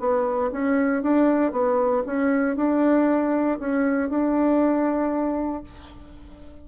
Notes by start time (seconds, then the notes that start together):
0.00 B3
0.52 C#4
1.03 D4
1.52 B3
2.06 C#4
2.56 D4
3.59 C#4
4.09 D4